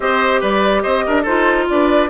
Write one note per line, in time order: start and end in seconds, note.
0.00 0.42 C4
0.00 1.26 G4
0.00 0.40 C5
0.00 0.42 D#5
0.40 0.84 G3
0.40 0.82 B4
0.40 0.82 D5
0.82 1.05 C4
0.82 1.04 C5
0.82 1.24 D#5
1.06 1.26 D4
1.06 1.22 A#4
1.22 1.68 D#4
1.22 2.09 F4
1.22 1.64 A4
1.22 1.67 C5
1.69 2.09 D4
1.69 2.09 B4
1.69 2.09 D5